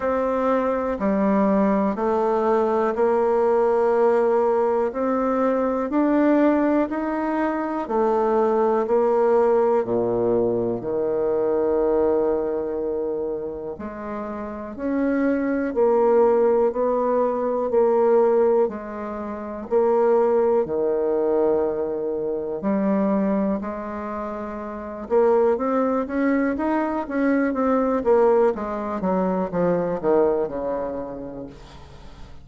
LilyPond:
\new Staff \with { instrumentName = "bassoon" } { \time 4/4 \tempo 4 = 61 c'4 g4 a4 ais4~ | ais4 c'4 d'4 dis'4 | a4 ais4 ais,4 dis4~ | dis2 gis4 cis'4 |
ais4 b4 ais4 gis4 | ais4 dis2 g4 | gis4. ais8 c'8 cis'8 dis'8 cis'8 | c'8 ais8 gis8 fis8 f8 dis8 cis4 | }